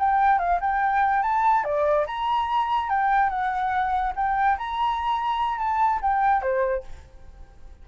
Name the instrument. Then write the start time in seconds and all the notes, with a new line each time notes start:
flute
0.00 G5
0.39 F5
0.61 G5
1.23 A5
1.65 D5
2.07 A#5
2.90 G5
3.30 F#5
4.16 G5
4.58 A#5
5.59 A5
6.02 G5
6.42 C5